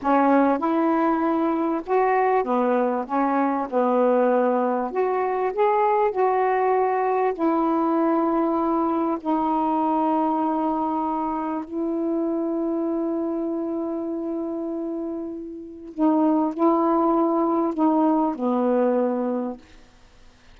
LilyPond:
\new Staff \with { instrumentName = "saxophone" } { \time 4/4 \tempo 4 = 98 cis'4 e'2 fis'4 | b4 cis'4 b2 | fis'4 gis'4 fis'2 | e'2. dis'4~ |
dis'2. e'4~ | e'1~ | e'2 dis'4 e'4~ | e'4 dis'4 b2 | }